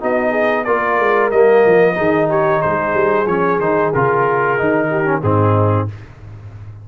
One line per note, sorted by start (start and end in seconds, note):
0.00 0.68 B3
0.00 0.65 D#4
0.00 0.30 F#4
0.00 0.64 D#5
0.30 0.63 G#4
0.64 0.99 A#3
0.64 1.32 F4
0.64 1.96 A#4
0.64 1.30 D5
0.99 1.32 G#3
1.31 1.65 G3
1.31 1.95 A#3
1.31 2.29 D#5
1.66 1.98 F3
1.95 2.63 D#3
1.95 3.26 D#4
1.95 2.29 G#4
2.29 2.61 G4
2.29 2.62 C#5
2.61 2.94 G#3
2.61 4.89 G#4
2.61 3.27 C5
2.94 3.26 G3
3.26 3.59 F3
3.26 3.60 C#4
3.26 3.60 C#5
3.59 3.92 D#3
3.59 3.93 D#4
3.59 3.93 C5
3.94 4.60 C#3
3.94 4.58 F4
3.94 5.23 A#4
4.58 5.23 D#3
4.58 5.05 D#4
4.90 5.22 G4
5.05 5.21 C#4
5.23 5.88 G#2
5.23 5.88 C4
5.23 5.88 D#4
5.23 5.88 G#4